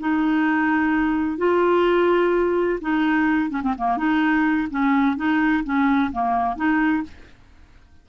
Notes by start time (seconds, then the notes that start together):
0.00 D#4
1.38 F4
2.81 D#4
3.50 C#4
3.63 C4
3.78 A#3
3.98 D#4
4.71 C#4
5.17 D#4
5.65 C#4
6.12 A#3
6.56 D#4